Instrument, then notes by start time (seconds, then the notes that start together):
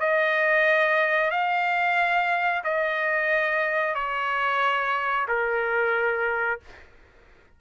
trumpet
0.00 D#5
1.31 F5
2.64 D#5
3.95 C#5
5.28 A#4